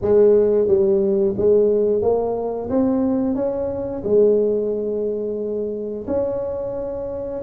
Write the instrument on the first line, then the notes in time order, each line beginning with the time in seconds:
tuba
0.01 G#3
0.67 G3
1.37 G#3
2.02 A#3
2.69 C4
3.35 C#4
4.04 G#3
6.07 C#4